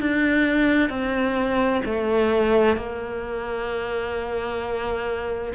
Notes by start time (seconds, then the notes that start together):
0.00 D4
0.89 C4
1.85 A3
2.77 A#3